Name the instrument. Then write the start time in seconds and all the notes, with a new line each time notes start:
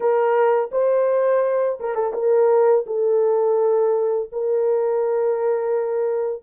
horn
0.00 A#4
0.71 C5
1.80 A#4
1.94 A4
2.13 A#4
2.86 A4
4.31 A#4